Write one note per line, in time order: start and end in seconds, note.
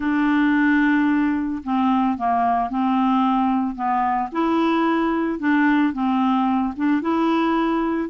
0.00 1.62 D4
1.63 2.17 C4
2.17 2.69 A#3
2.69 3.75 C4
3.75 4.29 B3
4.32 5.39 E4
5.39 5.93 D4
5.93 6.74 C4
6.76 7.01 D4
7.01 8.09 E4